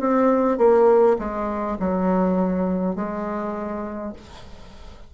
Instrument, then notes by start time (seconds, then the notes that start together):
bassoon
0.00 C4
0.58 A#3
1.19 G#3
1.80 F#3
2.96 G#3